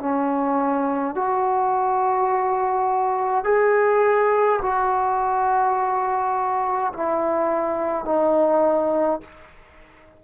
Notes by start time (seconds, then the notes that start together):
0.00 C#4
1.15 F#4
3.45 G#4
4.62 F#4
6.94 E4
8.06 D#4